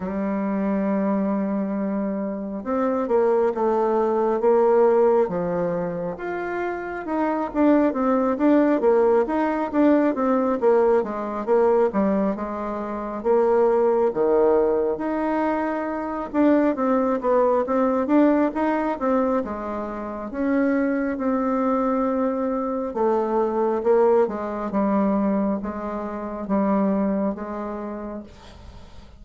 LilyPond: \new Staff \with { instrumentName = "bassoon" } { \time 4/4 \tempo 4 = 68 g2. c'8 ais8 | a4 ais4 f4 f'4 | dis'8 d'8 c'8 d'8 ais8 dis'8 d'8 c'8 | ais8 gis8 ais8 g8 gis4 ais4 |
dis4 dis'4. d'8 c'8 b8 | c'8 d'8 dis'8 c'8 gis4 cis'4 | c'2 a4 ais8 gis8 | g4 gis4 g4 gis4 | }